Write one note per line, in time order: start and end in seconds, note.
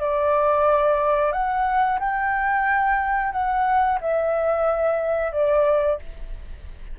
0.00 1.32 D5
1.32 1.99 F#5
2.00 3.32 G5
3.32 3.99 F#5
4.01 5.32 E5
5.32 5.99 D5